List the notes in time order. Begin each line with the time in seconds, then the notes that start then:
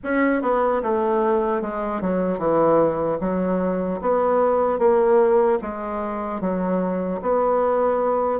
0.03 C#4
0.42 B3
0.82 A3
1.61 G#3
2.01 F#3
2.38 E3
3.20 F#3
4.01 B3
4.78 A#3
5.61 G#3
6.40 F#3
7.21 B3